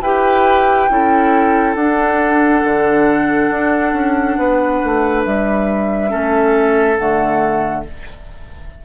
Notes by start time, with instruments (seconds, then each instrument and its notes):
0.00 bassoon E4, clarinet G4, oboe B4, flute G5
0.89 bassoon C#4, clarinet E4, oboe A4
1.74 bassoon D4, clarinet D4, flute F#5
2.64 bassoon D3
3.49 bassoon D4
3.92 bassoon C#4
4.37 bassoon B3, oboe B4
4.83 bassoon A3
5.24 bassoon G3, flute E5
6.09 bassoon A3, clarinet C#4, oboe A4
6.96 bassoon D3, clarinet A3, flute F#5